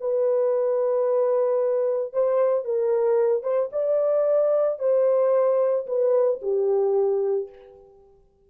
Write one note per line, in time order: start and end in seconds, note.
0.00 2.13 B4
2.13 2.64 C5
2.64 3.43 A#4
3.43 3.69 C5
3.72 4.79 D5
4.79 5.86 C5
5.86 6.40 B4
6.41 7.49 G4